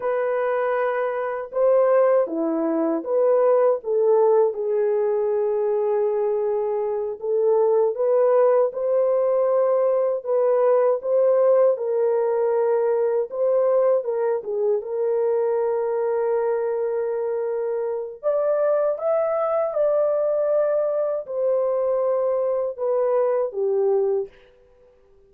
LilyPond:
\new Staff \with { instrumentName = "horn" } { \time 4/4 \tempo 4 = 79 b'2 c''4 e'4 | b'4 a'4 gis'2~ | gis'4. a'4 b'4 c''8~ | c''4. b'4 c''4 ais'8~ |
ais'4. c''4 ais'8 gis'8 ais'8~ | ais'1 | d''4 e''4 d''2 | c''2 b'4 g'4 | }